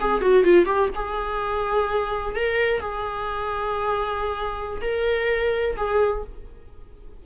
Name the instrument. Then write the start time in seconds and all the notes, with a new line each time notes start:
viola
0.00 G#4
0.21 F#4
0.43 F4
0.65 G4
0.95 G#4
2.35 A#4
2.80 G#4
4.81 A#4
5.76 G#4